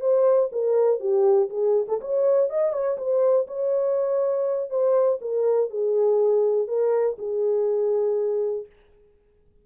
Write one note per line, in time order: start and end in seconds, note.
0.00 0.49 C5
0.51 1.00 A#4
1.00 1.49 G4
1.49 1.86 G#4
1.88 2.00 A4
2.00 2.49 C#5
2.49 2.72 D#5
2.72 2.97 C#5
2.97 3.46 C5
3.47 4.70 C#5
4.70 5.19 C5
5.21 5.70 A#4
5.70 6.67 G#4
6.67 7.16 A#4
7.18 8.66 G#4